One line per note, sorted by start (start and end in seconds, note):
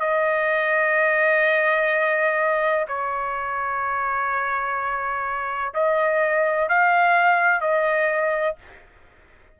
0.00 2.86 D#5
2.88 5.74 C#5
5.74 6.69 D#5
6.69 7.61 F5
7.61 8.56 D#5